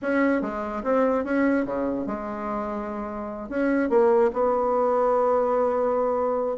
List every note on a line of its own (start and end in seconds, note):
0.01 0.41 C#4
0.41 0.82 G#3
0.83 1.24 C4
1.24 1.65 C#4
1.65 2.06 C#3
2.06 3.49 G#3
3.49 3.89 C#4
3.89 4.30 A#3
4.33 6.57 B3